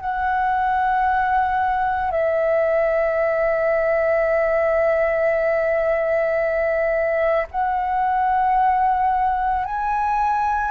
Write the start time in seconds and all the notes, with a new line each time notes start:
0.00 F#5
2.11 E5
7.50 F#5
9.65 G#5